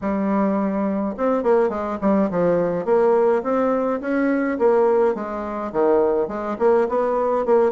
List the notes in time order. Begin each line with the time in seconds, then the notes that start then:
0.01 G3
1.17 C4
1.43 A#3
1.69 G#3
2.01 G3
2.30 F3
2.85 A#3
3.43 C4
4.01 C#4
4.58 A#3
5.14 G#3
5.72 D#3
6.28 G#3
6.59 A#3
6.89 B3
7.45 A#3